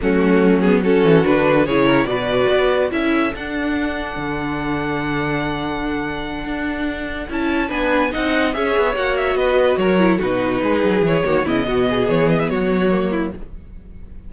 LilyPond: <<
  \new Staff \with { instrumentName = "violin" } { \time 4/4 \tempo 4 = 144 fis'4. gis'8 a'4 b'4 | cis''4 d''2 e''4 | fis''1~ | fis''1~ |
fis''4. a''4 gis''4 fis''8~ | fis''8 e''4 fis''8 e''8 dis''4 cis''8~ | cis''8 b'2 cis''4 dis''8~ | dis''4 cis''8 dis''16 e''16 cis''2 | }
  \new Staff \with { instrumentName = "violin" } { \time 4/4 cis'2 fis'2 | gis'8 ais'8 b'2 a'4~ | a'1~ | a'1~ |
a'2~ a'8 b'4 dis''8~ | dis''8 cis''2 b'4 ais'8~ | ais'8 fis'4 gis'4. fis'8 e'8 | fis'8 gis'4. fis'4. e'8 | }
  \new Staff \with { instrumentName = "viola" } { \time 4/4 a4. b8 cis'4 d'4 | e'4 fis'2 e'4 | d'1~ | d'1~ |
d'4. e'4 d'4 dis'8~ | dis'8 gis'4 fis'2~ fis'8 | e'8 dis'2 e'8 ais8 b8~ | b2. ais4 | }
  \new Staff \with { instrumentName = "cello" } { \time 4/4 fis2~ fis8 e8 d4 | cis4 b,4 b4 cis'4 | d'2 d2~ | d2.~ d8 d'8~ |
d'4. cis'4 b4 c'8~ | c'8 cis'8 b8 ais4 b4 fis8~ | fis8 b,4 gis8 fis8 e8 dis8 cis8 | b,4 e4 fis2 | }
>>